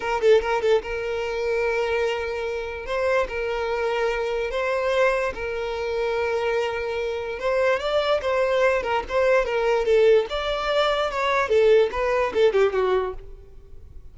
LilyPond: \new Staff \with { instrumentName = "violin" } { \time 4/4 \tempo 4 = 146 ais'8 a'8 ais'8 a'8 ais'2~ | ais'2. c''4 | ais'2. c''4~ | c''4 ais'2.~ |
ais'2 c''4 d''4 | c''4. ais'8 c''4 ais'4 | a'4 d''2 cis''4 | a'4 b'4 a'8 g'8 fis'4 | }